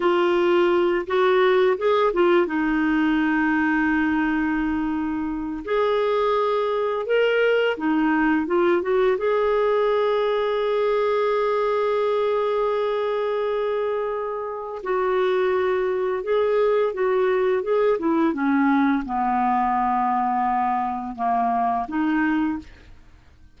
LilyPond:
\new Staff \with { instrumentName = "clarinet" } { \time 4/4 \tempo 4 = 85 f'4. fis'4 gis'8 f'8 dis'8~ | dis'1 | gis'2 ais'4 dis'4 | f'8 fis'8 gis'2.~ |
gis'1~ | gis'4 fis'2 gis'4 | fis'4 gis'8 e'8 cis'4 b4~ | b2 ais4 dis'4 | }